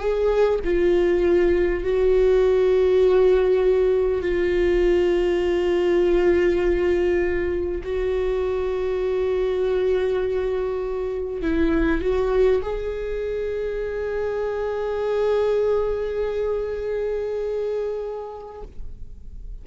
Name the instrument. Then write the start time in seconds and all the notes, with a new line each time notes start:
viola
0.00 G#4
0.65 F4
1.84 F#4
4.22 F4
7.84 F#4
11.42 E4
12.02 F#4
12.62 G#4